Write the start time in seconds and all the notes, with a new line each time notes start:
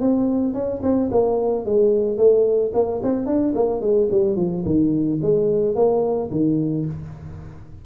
0.00 C4
0.53 C#4
0.82 C4
1.11 A#3
1.65 G#3
2.17 A3
2.74 A#3
3.03 C4
3.26 D4
3.54 A#3
3.81 G#3
4.11 G3
4.36 F3
4.65 D#3
5.22 G#3
5.75 A#3
6.31 D#3